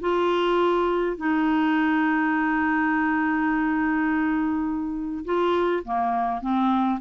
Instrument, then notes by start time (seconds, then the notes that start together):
clarinet
0.00 F4
1.17 D#4
5.25 F4
5.84 A#3
6.41 C4